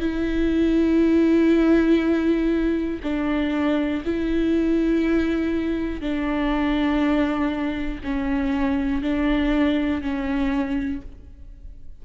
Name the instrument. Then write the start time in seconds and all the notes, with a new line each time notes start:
viola
0.00 E4
3.03 D4
4.05 E4
6.00 D4
8.03 C#4
9.02 D4
10.02 C#4